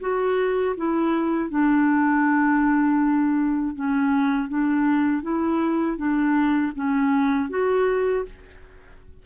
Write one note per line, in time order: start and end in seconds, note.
0.00 0.75 F#4
0.76 1.50 E4
1.50 3.75 D4
3.75 4.49 C#4
4.49 5.22 D4
5.22 5.97 E4
5.97 6.72 D4
6.75 7.49 C#4
7.49 8.24 F#4